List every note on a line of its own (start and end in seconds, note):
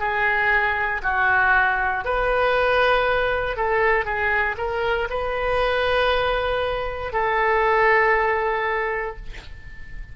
0.00 1.02 G#4
1.03 2.05 F#4
2.05 3.57 B4
3.57 4.05 A4
4.05 4.56 G#4
4.58 5.09 A#4
5.10 7.13 B4
7.13 9.17 A4